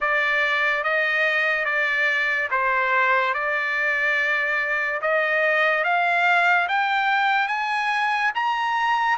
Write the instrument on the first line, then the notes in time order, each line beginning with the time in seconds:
trumpet
0.00 D5
0.83 D#5
1.65 D5
2.50 C5
3.34 D5
5.01 D#5
5.84 F5
6.68 G5
7.48 G#5
8.34 A#5